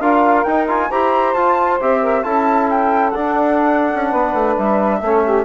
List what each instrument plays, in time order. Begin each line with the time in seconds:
0.00 bassoon D4, trombone F4, saxophone A#4, flute F5
0.44 bassoon D#4, trombone D#4, flute G5
0.68 trombone F4, flute G#5
0.90 bassoon E4, trombone G4, saxophone C5, flute A#5
1.34 bassoon F4, trombone F4, flute A5
1.81 bassoon C4, trombone G4, flute E5
2.01 saxophone A#4
2.24 bassoon C#4, trombone E4, saxophone A4, flute A5
2.71 flute G5
3.11 trombone D4, bassoon D4, flute F#5
3.94 bassoon C#4
4.10 bassoon B3, saxophone B4
4.34 bassoon A3
4.58 bassoon G3, flute E5
5.01 bassoon A3, trombone C#4, saxophone A4
5.24 saxophone G4